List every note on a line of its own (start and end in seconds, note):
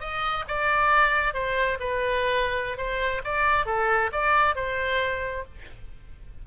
0.00 0.44 D#5
0.48 1.34 D5
1.34 1.78 C5
1.80 2.77 B4
2.77 3.22 C5
3.24 3.66 D5
3.66 4.10 A4
4.12 4.55 D5
4.55 5.44 C5